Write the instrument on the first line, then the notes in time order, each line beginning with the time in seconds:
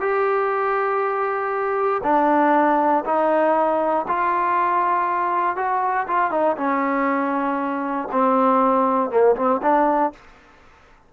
trombone
0.00 G4
2.03 D4
3.05 D#4
4.08 F4
5.56 F#4
6.08 F4
6.31 D#4
6.57 C#4
8.12 C4
9.10 A#3
9.36 C4
9.62 D4